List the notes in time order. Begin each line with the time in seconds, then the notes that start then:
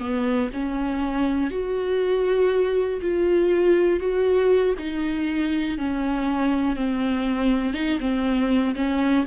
0.00 B3
0.54 C#4
1.51 F#4
3.02 F4
4.00 F#4
4.79 D#4
5.79 C#4
6.76 C4
7.74 D#4
8.00 C4
8.75 C#4